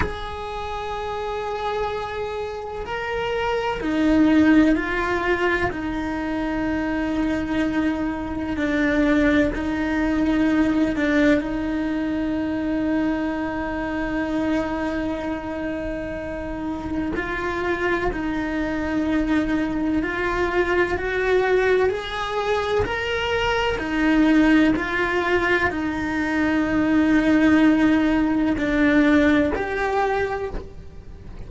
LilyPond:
\new Staff \with { instrumentName = "cello" } { \time 4/4 \tempo 4 = 63 gis'2. ais'4 | dis'4 f'4 dis'2~ | dis'4 d'4 dis'4. d'8 | dis'1~ |
dis'2 f'4 dis'4~ | dis'4 f'4 fis'4 gis'4 | ais'4 dis'4 f'4 dis'4~ | dis'2 d'4 g'4 | }